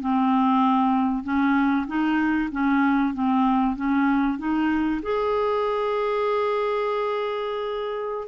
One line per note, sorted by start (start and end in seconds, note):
0.00 1.24 C4
1.24 1.86 C#4
1.87 2.49 D#4
2.51 3.14 C#4
3.14 3.76 C4
3.76 4.38 C#4
4.38 5.01 D#4
5.02 8.27 G#4